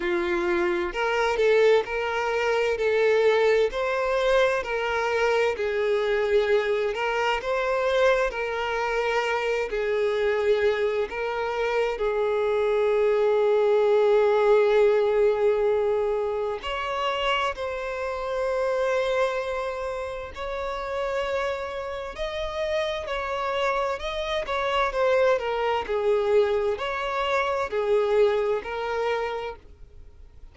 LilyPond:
\new Staff \with { instrumentName = "violin" } { \time 4/4 \tempo 4 = 65 f'4 ais'8 a'8 ais'4 a'4 | c''4 ais'4 gis'4. ais'8 | c''4 ais'4. gis'4. | ais'4 gis'2.~ |
gis'2 cis''4 c''4~ | c''2 cis''2 | dis''4 cis''4 dis''8 cis''8 c''8 ais'8 | gis'4 cis''4 gis'4 ais'4 | }